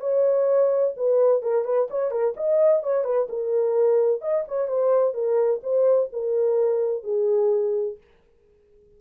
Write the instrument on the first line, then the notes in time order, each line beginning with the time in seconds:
horn
0.00 C#5
0.97 B4
1.42 A#4
1.64 B4
1.90 C#5
2.11 A#4
2.36 D#5
2.83 C#5
3.04 B4
3.29 A#4
4.21 D#5
4.48 C#5
4.68 C5
5.14 A#4
5.63 C5
6.12 A#4
7.03 G#4